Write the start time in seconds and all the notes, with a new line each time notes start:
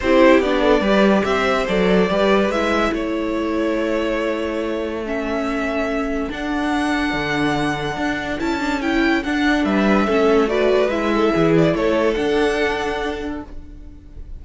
0.00 C4 E4 G4 C5
0.40 B3 D4 D5
0.61 A4
0.80 G3 G4 B4
1.24 C4 C5 E5
1.68 F#3 A4 D5
2.09 G3 G4 B4
2.49 G#3 E4 E5
2.92 A3 A4 C#5
5.04 C#4 E5
6.29 D4 F#5
7.13 D3
7.97 D4
8.38 C#4 E4 A5
8.59 D4
8.81 E4 G5
9.23 D4 F#5
9.64 G3 B4 E5
10.06 A3 C#4 A4
10.47 F#4 B4 D5
10.88 G#3 E4 E5
11.14 A4
11.33 E3 G#4
11.56 D5
11.74 A3 A4 C#5
12.13 D4 F#5